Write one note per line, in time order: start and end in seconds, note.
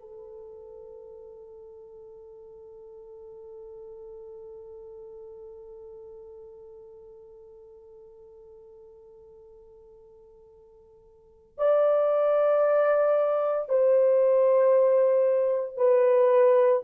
0.00 11.58 A4
11.58 13.69 D5
13.69 15.77 C5
15.77 16.82 B4